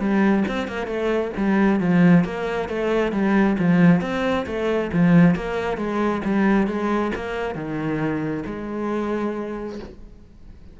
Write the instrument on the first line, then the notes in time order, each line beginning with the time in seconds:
cello
0.00 G3
0.48 C4
0.68 A#3
0.87 A3
1.37 G3
1.80 F3
2.25 A#3
2.69 A3
3.13 G3
3.59 F3
4.02 C4
4.47 A3
4.93 F3
5.36 A#3
5.78 G#3
6.25 G3
6.68 G#3
7.16 A#3
7.55 D#3
8.46 G#3